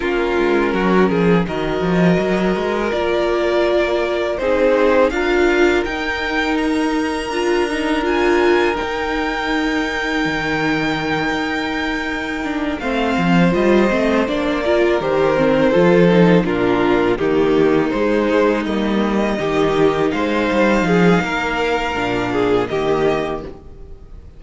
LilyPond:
<<
  \new Staff \with { instrumentName = "violin" } { \time 4/4 \tempo 4 = 82 ais'2 dis''2 | d''2 c''4 f''4 | g''4 ais''2 gis''4 | g''1~ |
g''4. f''4 dis''4 d''8~ | d''8 c''2 ais'4 g'8~ | g'8 c''4 dis''2 f''8~ | f''2. dis''4 | }
  \new Staff \with { instrumentName = "violin" } { \time 4/4 f'4 fis'8 gis'8 ais'2~ | ais'2 gis'4 ais'4~ | ais'1~ | ais'1~ |
ais'4. c''2~ c''8 | ais'4. a'4 f'4 dis'8~ | dis'2~ dis'8 g'4 c''8~ | c''8 gis'8 ais'4. gis'8 g'4 | }
  \new Staff \with { instrumentName = "viola" } { \time 4/4 cis'2 fis'2 | f'2 dis'4 f'4 | dis'2 f'8 dis'8 f'4 | dis'1~ |
dis'4 d'8 c'4 f'8 c'8 d'8 | f'8 g'8 c'8 f'8 dis'8 d'4 ais8~ | ais8 gis4 ais4 dis'4.~ | dis'2 d'4 ais4 | }
  \new Staff \with { instrumentName = "cello" } { \time 4/4 ais8 gis8 fis8 f8 dis8 f8 fis8 gis8 | ais2 c'4 d'4 | dis'2 d'2 | dis'2 dis4. dis'8~ |
dis'4. a8 f8 g8 a8 ais8~ | ais8 dis4 f4 ais,4 dis8~ | dis8 gis4 g4 dis4 gis8 | g8 f8 ais4 ais,4 dis4 | }
>>